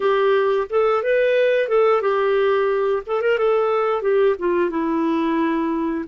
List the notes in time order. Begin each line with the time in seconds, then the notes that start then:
0.00 G4
0.69 A4
1.03 B4
1.68 A4
2.01 G4
3.06 A4
3.21 A#4
3.37 A4
4.01 G4
4.38 F4
4.69 E4